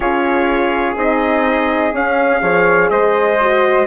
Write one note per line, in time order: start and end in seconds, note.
0.00 0.95 C#4
0.00 0.96 F4
0.00 2.41 G#4
0.00 0.96 C#5
0.96 1.92 C4
0.96 1.92 D#4
0.96 1.95 D#5
1.92 2.40 C#4
1.92 2.41 C#4
1.92 2.90 F5
2.40 2.90 F3
2.40 3.37 G#4
2.40 2.90 C#5
2.90 3.86 G#3
2.90 3.86 C5
2.90 3.86 D#5
3.41 3.86 F#4